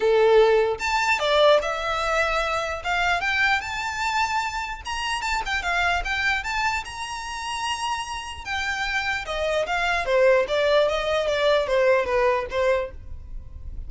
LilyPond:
\new Staff \with { instrumentName = "violin" } { \time 4/4 \tempo 4 = 149 a'2 a''4 d''4 | e''2. f''4 | g''4 a''2. | ais''4 a''8 g''8 f''4 g''4 |
a''4 ais''2.~ | ais''4 g''2 dis''4 | f''4 c''4 d''4 dis''4 | d''4 c''4 b'4 c''4 | }